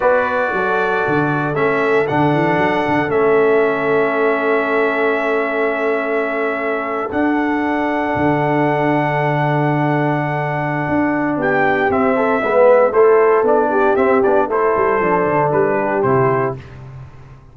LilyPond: <<
  \new Staff \with { instrumentName = "trumpet" } { \time 4/4 \tempo 4 = 116 d''2. e''4 | fis''2 e''2~ | e''1~ | e''4.~ e''16 fis''2~ fis''16~ |
fis''1~ | fis''2 g''4 e''4~ | e''4 c''4 d''4 e''8 d''8 | c''2 b'4 c''4 | }
  \new Staff \with { instrumentName = "horn" } { \time 4/4 b'4 a'2.~ | a'1~ | a'1~ | a'1~ |
a'1~ | a'2 g'4. a'8 | b'4 a'4. g'4. | a'2~ a'8 g'4. | }
  \new Staff \with { instrumentName = "trombone" } { \time 4/4 fis'2. cis'4 | d'2 cis'2~ | cis'1~ | cis'4.~ cis'16 d'2~ d'16~ |
d'1~ | d'2. c'4 | b4 e'4 d'4 c'8 d'8 | e'4 d'2 e'4 | }
  \new Staff \with { instrumentName = "tuba" } { \time 4/4 b4 fis4 d4 a4 | d8 e8 fis8 d8 a2~ | a1~ | a4.~ a16 d'2 d16~ |
d1~ | d4 d'4 b4 c'4 | gis4 a4 b4 c'8 b8 | a8 g8 f8 d8 g4 c4 | }
>>